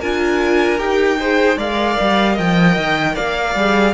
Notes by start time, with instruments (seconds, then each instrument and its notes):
0.00 cello D4, viola F4, violin A#4 G#5
0.79 cello D#4, viola G4, violin G5
1.20 viola G#4, violin C5
1.57 cello G#3, viola A#4, violin D5 F5
2.01 cello G3
2.33 cello F3, violin D#5 G5
2.78 cello D#3
3.15 cello A#3, violin D5 F5
3.55 cello G3, viola G#4